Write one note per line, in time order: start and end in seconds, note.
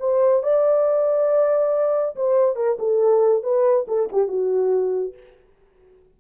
0.00 0.43 C5
0.43 2.16 D5
2.16 2.56 C5
2.56 2.77 A#4
2.79 3.43 A4
3.43 3.86 B4
3.88 4.09 A4
4.12 4.28 G4
4.28 5.14 F#4